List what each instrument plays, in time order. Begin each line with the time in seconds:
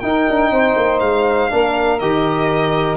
0.00 tuba D#4, trombone D#4, saxophone A#4, violin G5
0.30 tuba D4
0.51 tuba C4, saxophone C5
0.76 tuba A#3
1.00 tuba G#3, violin F5
1.50 tuba A#3, trombone D4, saxophone A#4
1.99 tuba D#3, trombone G4, violin D#5